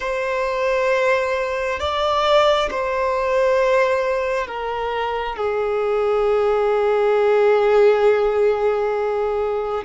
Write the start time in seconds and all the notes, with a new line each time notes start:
0.00 C5
1.79 D5
2.71 C5
4.47 A#4
5.36 G#4